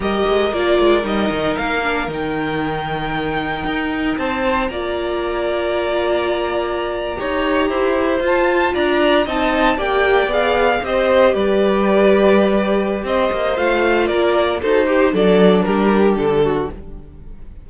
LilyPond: <<
  \new Staff \with { instrumentName = "violin" } { \time 4/4 \tempo 4 = 115 dis''4 d''4 dis''4 f''4 | g''1 | a''4 ais''2.~ | ais''2.~ ais''8. a''16~ |
a''8. ais''4 a''4 g''4 f''16~ | f''8. dis''4 d''2~ d''16~ | d''4 dis''4 f''4 d''4 | c''4 d''4 ais'4 a'4 | }
  \new Staff \with { instrumentName = "violin" } { \time 4/4 ais'1~ | ais'1 | c''4 d''2.~ | d''4.~ d''16 cis''4 c''4~ c''16~ |
c''8. d''4 dis''4 d''4~ d''16~ | d''8. c''4 b'2~ b'16~ | b'4 c''2 ais'4 | a'8 g'8 a'4 g'4. fis'8 | }
  \new Staff \with { instrumentName = "viola" } { \time 4/4 g'4 f'4 dis'4. d'8 | dis'1~ | dis'4 f'2.~ | f'4.~ f'16 g'2 f'16~ |
f'4.~ f'16 dis'4 g'4 gis'16~ | gis'8. g'2.~ g'16~ | g'2 f'2 | fis'8 g'8 d'2. | }
  \new Staff \with { instrumentName = "cello" } { \time 4/4 g8 gis8 ais8 gis8 g8 dis8 ais4 | dis2. dis'4 | c'4 ais2.~ | ais4.~ ais16 dis'4 e'4 f'16~ |
f'8. d'4 c'4 ais4 b16~ | b8. c'4 g2~ g16~ | g4 c'8 ais8 a4 ais4 | dis'4 fis4 g4 d4 | }
>>